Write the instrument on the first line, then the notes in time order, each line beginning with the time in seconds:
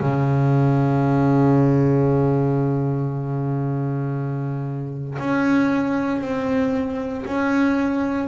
double bass
0.00 C#3
5.18 C#4
6.21 C4
7.26 C#4